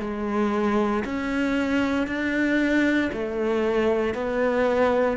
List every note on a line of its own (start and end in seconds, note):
0.00 1.03 G#3
1.04 2.07 C#4
2.07 3.10 D4
3.12 4.14 A3
4.14 5.17 B3